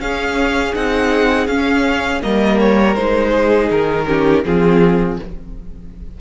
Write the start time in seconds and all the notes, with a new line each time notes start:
0.00 C#4 G#4 F5
0.75 C4 D#4 F#5
1.48 C#4 F5
2.22 G3 A#3 A#4 D#5
2.60 C#5
2.95 G#3 D#4 C5
3.31 G#4
3.71 D#3 A#4
4.07 C#4 G4
4.45 F3 C4 F4 G#4